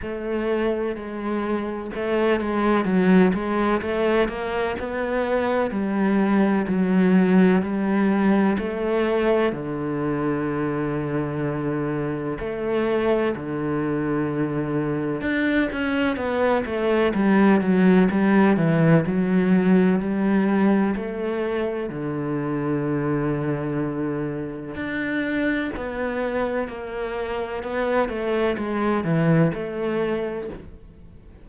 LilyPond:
\new Staff \with { instrumentName = "cello" } { \time 4/4 \tempo 4 = 63 a4 gis4 a8 gis8 fis8 gis8 | a8 ais8 b4 g4 fis4 | g4 a4 d2~ | d4 a4 d2 |
d'8 cis'8 b8 a8 g8 fis8 g8 e8 | fis4 g4 a4 d4~ | d2 d'4 b4 | ais4 b8 a8 gis8 e8 a4 | }